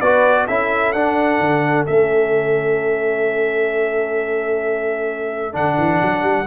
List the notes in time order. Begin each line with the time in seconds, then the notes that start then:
0.00 B3 F#4 B4 D5
0.46 C#4 E4 A4 E5
0.92 D4 F#5
1.40 D3
1.86 A3 C#4 E5
5.52 D3 D4 F#5
5.78 E3
6.01 F#3
6.22 G3